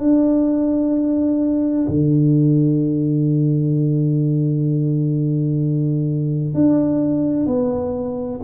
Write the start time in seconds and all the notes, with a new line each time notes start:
0.00 D4
1.88 D3
6.55 D4
7.47 B3